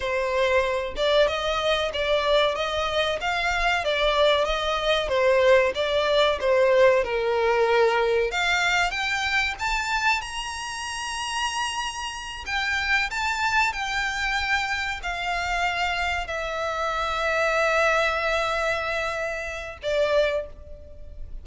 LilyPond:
\new Staff \with { instrumentName = "violin" } { \time 4/4 \tempo 4 = 94 c''4. d''8 dis''4 d''4 | dis''4 f''4 d''4 dis''4 | c''4 d''4 c''4 ais'4~ | ais'4 f''4 g''4 a''4 |
ais''2.~ ais''8 g''8~ | g''8 a''4 g''2 f''8~ | f''4. e''2~ e''8~ | e''2. d''4 | }